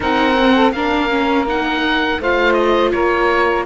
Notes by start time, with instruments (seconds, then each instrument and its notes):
0.00 cello C4, viola D#4, saxophone A#4, oboe F#5
0.38 viola C4
0.55 saxophone A4
0.72 cello A#3, viola D4, saxophone A#4, oboe F5
1.09 viola C#4
1.46 viola D#4, oboe F#5
2.19 cello A3, viola F4, saxophone C5, oboe F5
2.53 oboe D#5
2.92 cello A#3, saxophone A#4, oboe C#5